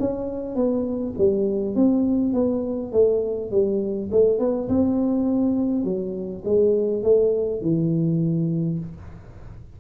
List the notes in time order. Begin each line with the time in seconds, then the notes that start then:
0.00 C#4
0.55 B3
1.18 G3
1.75 C4
2.33 B3
2.92 A3
3.51 G3
4.12 A3
4.39 B3
4.69 C4
5.84 F#3
6.44 G#3
7.03 A3
7.61 E3